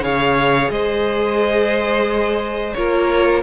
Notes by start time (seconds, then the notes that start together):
0.00 C#3 G#4 C#5 F5
0.70 G#3 C5 D#5
2.73 A#3 F4 A#4 C#5